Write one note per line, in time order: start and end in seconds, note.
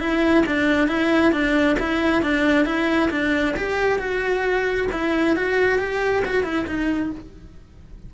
0.00 0.44 E4
0.46 0.88 D4
0.88 1.33 E4
1.33 1.77 D4
1.80 2.23 E4
2.23 2.65 D4
2.65 3.10 E4
3.11 3.55 D4
3.57 3.99 G4
3.99 4.88 F#4
4.92 5.36 E4
5.37 5.79 F#4
5.79 6.23 G4
6.25 6.44 F#4
6.44 6.66 E4
6.67 7.11 D#4